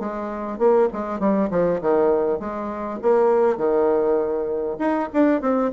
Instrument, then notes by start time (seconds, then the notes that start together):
bassoon
0.00 G#3
0.59 A#3
0.93 G#3
1.20 G3
1.51 F3
1.81 D#3
2.40 G#3
3.02 A#3
3.58 D#3
4.79 D#4
5.13 D4
5.41 C4